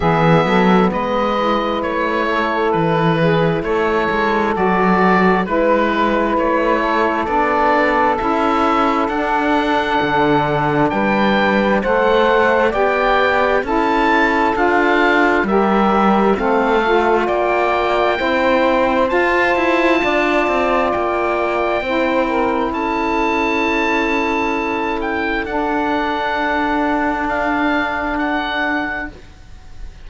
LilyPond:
<<
  \new Staff \with { instrumentName = "oboe" } { \time 4/4 \tempo 4 = 66 e''4 dis''4 cis''4 b'4 | cis''4 d''4 b'4 cis''4 | d''4 e''4 fis''2 | g''4 fis''4 g''4 a''4 |
f''4 e''4 f''4 g''4~ | g''4 a''2 g''4~ | g''4 a''2~ a''8 g''8 | fis''2 f''4 fis''4 | }
  \new Staff \with { instrumentName = "saxophone" } { \time 4/4 gis'8 a'8 b'4. a'4 gis'8 | a'2 b'4. a'8~ | a'1 | b'4 c''4 d''4 a'4~ |
a'4 ais'4 a'4 d''4 | c''2 d''2 | c''8 ais'8 a'2.~ | a'1 | }
  \new Staff \with { instrumentName = "saxophone" } { \time 4/4 b4. e'2~ e'8~ | e'4 fis'4 e'2 | d'4 e'4 d'2~ | d'4 a'4 g'4 e'4 |
f'4 g'4 c'8 f'4. | e'4 f'2. | e'1 | d'1 | }
  \new Staff \with { instrumentName = "cello" } { \time 4/4 e8 fis8 gis4 a4 e4 | a8 gis8 fis4 gis4 a4 | b4 cis'4 d'4 d4 | g4 a4 b4 cis'4 |
d'4 g4 a4 ais4 | c'4 f'8 e'8 d'8 c'8 ais4 | c'4 cis'2. | d'1 | }
>>